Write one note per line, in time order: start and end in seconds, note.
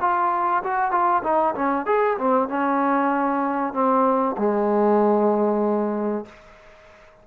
0.00 0.62 F4
0.63 0.91 F#4
0.91 1.22 F4
1.23 1.54 D#4
1.55 1.86 C#4
1.86 2.17 G#4
2.18 2.48 C4
2.48 3.73 C#4
3.73 4.36 C4
4.38 6.25 G#3